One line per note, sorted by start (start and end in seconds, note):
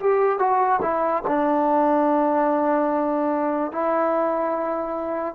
0.00 0.39 G4
0.39 0.80 F#4
0.82 1.23 E4
1.27 3.72 D4
3.72 5.35 E4